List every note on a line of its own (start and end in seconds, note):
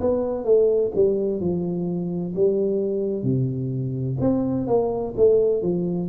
0.00 0.44 B3
0.44 0.91 A3
0.95 1.40 G3
1.40 2.34 F3
2.35 3.23 G3
3.23 4.17 C3
4.20 4.67 C4
4.67 5.14 A#3
5.16 5.62 A3
5.62 6.09 F3